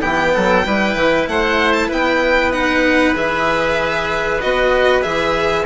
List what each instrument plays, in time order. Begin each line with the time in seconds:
0.00 bassoon E3, cello B3, oboe G4, violin G5
0.34 bassoon F#3, oboe A4
0.65 bassoon G3, cello E4, oboe B4
0.95 bassoon E3
1.27 bassoon A3, oboe C5, violin F#5
1.72 violin A5
1.88 bassoon B3, oboe B4, violin G5
2.52 cello D#4, violin F#5
3.14 bassoon E3, cello G#4, violin E5
4.41 bassoon B3, cello F#4, violin D#5
5.02 bassoon E3, cello G#4, violin E5